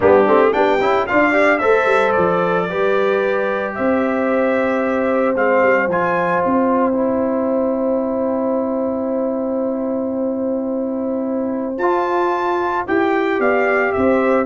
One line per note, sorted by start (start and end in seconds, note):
0.00 0.27 G3
0.00 0.25 B3
0.00 0.50 D4
0.00 0.53 G4
0.27 0.53 A3
0.27 0.52 C4
0.52 0.80 B3
0.52 0.78 D4
0.52 1.08 G4
0.52 1.06 G5
0.80 1.07 C#4
0.80 1.08 E4
1.06 1.61 D4
1.06 1.32 F4
1.06 1.59 D5
1.06 1.58 F5
1.32 1.59 G4
1.58 1.85 A3
1.58 2.69 A4
1.58 2.67 C5
1.58 2.11 E5
1.85 2.12 G3
2.11 2.70 F3
2.11 3.72 D5
2.69 3.77 G3
2.69 5.35 G4
2.69 3.76 B4
3.75 5.35 C4
3.75 13.39 C5
3.75 5.35 E5
5.35 5.61 G#3
5.35 5.89 C4
5.35 5.89 F5
5.62 5.87 G3
5.87 6.41 F3
5.87 6.92 F4
5.87 6.43 G#5
6.43 11.78 C4
6.43 11.78 G5
6.92 11.74 E4
11.78 12.85 F4
11.78 12.87 F4
11.78 12.85 A5
12.87 13.39 E4
12.87 14.46 G4
12.87 13.40 G5
13.39 13.92 B3
13.39 13.93 D5
13.39 13.92 F5
13.92 14.46 C4
13.92 14.46 C5
13.92 14.45 E5